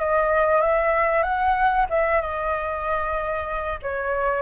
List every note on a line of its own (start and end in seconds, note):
0.00 0.61 D#5
0.61 1.23 E5
1.23 1.86 F#5
1.90 2.21 E5
2.22 3.80 D#5
3.82 4.42 C#5